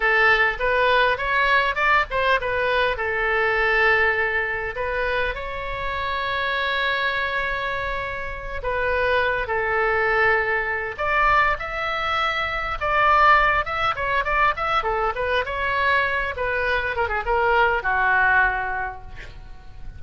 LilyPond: \new Staff \with { instrumentName = "oboe" } { \time 4/4 \tempo 4 = 101 a'4 b'4 cis''4 d''8 c''8 | b'4 a'2. | b'4 cis''2.~ | cis''2~ cis''8 b'4. |
a'2~ a'8 d''4 e''8~ | e''4. d''4. e''8 cis''8 | d''8 e''8 a'8 b'8 cis''4. b'8~ | b'8 ais'16 gis'16 ais'4 fis'2 | }